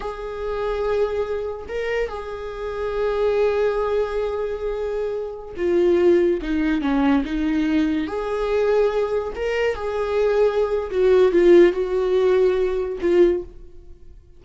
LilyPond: \new Staff \with { instrumentName = "viola" } { \time 4/4 \tempo 4 = 143 gis'1 | ais'4 gis'2.~ | gis'1~ | gis'4~ gis'16 f'2 dis'8.~ |
dis'16 cis'4 dis'2 gis'8.~ | gis'2~ gis'16 ais'4 gis'8.~ | gis'2 fis'4 f'4 | fis'2. f'4 | }